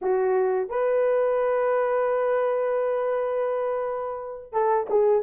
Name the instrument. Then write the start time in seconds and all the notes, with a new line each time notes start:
horn
0.01 F#4
0.69 B4
4.52 A4
4.89 G#4